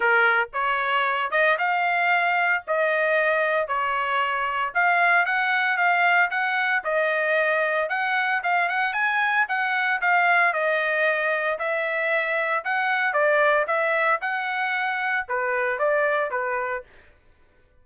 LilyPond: \new Staff \with { instrumentName = "trumpet" } { \time 4/4 \tempo 4 = 114 ais'4 cis''4. dis''8 f''4~ | f''4 dis''2 cis''4~ | cis''4 f''4 fis''4 f''4 | fis''4 dis''2 fis''4 |
f''8 fis''8 gis''4 fis''4 f''4 | dis''2 e''2 | fis''4 d''4 e''4 fis''4~ | fis''4 b'4 d''4 b'4 | }